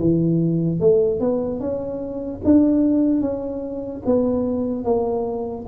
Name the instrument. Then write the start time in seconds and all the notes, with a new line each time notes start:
tuba
0.00 E3
0.80 A3
1.21 B3
1.60 C#4
2.45 D4
3.22 C#4
4.06 B3
4.85 A#3